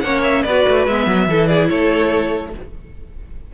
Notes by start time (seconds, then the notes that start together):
0.00 A#3 C#4 C#5 F#5
0.23 E5
0.43 B3 B4 D5
0.49 F#4
0.67 A3
0.86 G#3 B3 E5
1.06 F#3
1.27 E3 E4 A4
1.47 G#4 D5
1.69 A3 A4 C#5